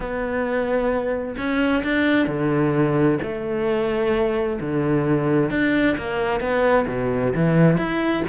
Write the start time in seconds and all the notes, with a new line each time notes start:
0.00 B3
1.37 C#4
1.83 D4
2.27 D3
3.22 A3
4.60 D3
5.50 D4
5.97 A#3
6.40 B3
6.87 B2
7.35 E3
7.77 E4